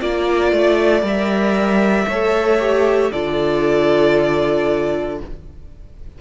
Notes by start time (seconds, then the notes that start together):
0.00 A#3 F4 D5
0.52 A3
1.02 G3 A#4 E5
2.07 A3 A4 C#5
2.58 G4
3.11 D3 F4 A4 D5